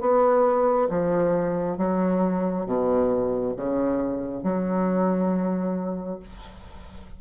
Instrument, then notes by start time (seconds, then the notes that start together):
bassoon
0.00 B3
0.89 F3
1.77 F#3
2.66 B2
3.56 C#3
4.43 F#3